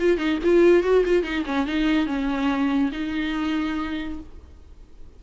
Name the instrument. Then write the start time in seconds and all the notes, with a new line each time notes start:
viola
0.00 F4
0.18 D#4
0.44 F4
0.83 F#4
1.05 F4
1.24 D#4
1.46 C#4
1.67 D#4
2.07 C#4
2.92 D#4